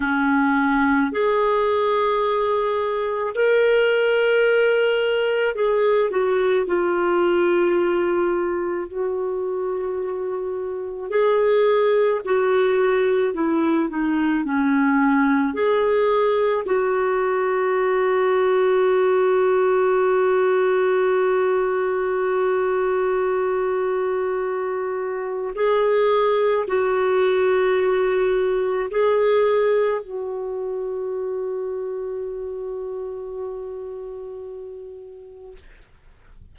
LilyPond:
\new Staff \with { instrumentName = "clarinet" } { \time 4/4 \tempo 4 = 54 cis'4 gis'2 ais'4~ | ais'4 gis'8 fis'8 f'2 | fis'2 gis'4 fis'4 | e'8 dis'8 cis'4 gis'4 fis'4~ |
fis'1~ | fis'2. gis'4 | fis'2 gis'4 fis'4~ | fis'1 | }